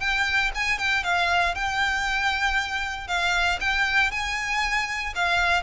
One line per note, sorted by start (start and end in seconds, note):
0.00 0.51 G5
0.55 0.78 G#5
0.78 1.03 G5
1.03 1.55 F5
1.55 3.08 G5
3.08 3.59 F5
3.60 4.11 G5
4.11 5.14 G#5
5.15 5.62 F5